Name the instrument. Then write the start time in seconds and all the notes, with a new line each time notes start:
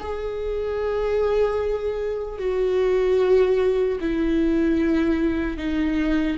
viola
0.00 G#4
2.39 F#4
4.01 E4
5.57 D#4